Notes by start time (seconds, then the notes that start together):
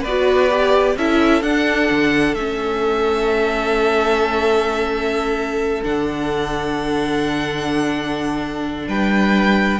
0.00 B3 B4 D5
0.07 F#4
0.49 G4
0.96 C#4 E4 A4 E5
1.42 D4 F#5
1.91 D3
2.33 A3 C#4 E5
5.83 D3 D4 F#5
8.87 G3 B4 G5